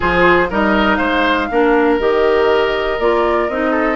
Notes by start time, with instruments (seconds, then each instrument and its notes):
0.00 bassoon F3, clarinet F4, oboe G#4, flute C5
0.50 bassoon G3, clarinet D#4, oboe A#4, flute D#5
0.95 bassoon G#3, oboe C5, flute F5
1.51 bassoon A#3, clarinet D4, oboe A#4
1.99 bassoon D#3, clarinet G4, flute D#5
2.98 bassoon A#3, clarinet F4, flute D5
3.48 bassoon C4, clarinet D#4, flute D#5
3.71 oboe A4